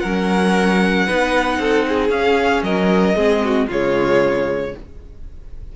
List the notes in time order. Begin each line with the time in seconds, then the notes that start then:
0.00 F#3 A#4 F#5
0.06 C#4
1.06 B3 D#4 B4
1.59 C4 A4
1.88 G#4
2.10 C#4 F5
2.63 F#3 A#4 D#5
3.16 G#3 C4 G#4
3.45 F#4
3.68 C#3 G#3 F4 C#5